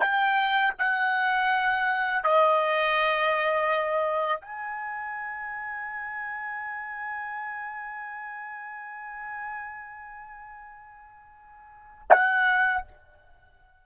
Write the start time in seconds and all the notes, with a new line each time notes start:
0.00 G5
0.78 F#5
2.23 D#5
4.40 G#5
12.10 F#5